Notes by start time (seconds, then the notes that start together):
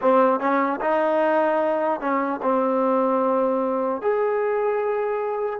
0.01 C4
0.40 C#4
0.80 D#4
2.00 C#4
2.42 C4
4.01 G#4